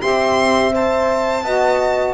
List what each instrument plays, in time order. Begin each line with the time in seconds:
0.00 double bass C4, saxophone G4, horn E5, violin C6
0.72 saxophone C5, violin A5
1.44 double bass B3, saxophone F#4, horn D#5